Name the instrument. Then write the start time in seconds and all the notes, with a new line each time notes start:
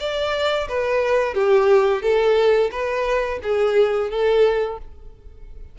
violin
0.00 D5
0.68 B4
1.34 G4
2.02 A4
2.71 B4
3.43 G#4
4.10 A4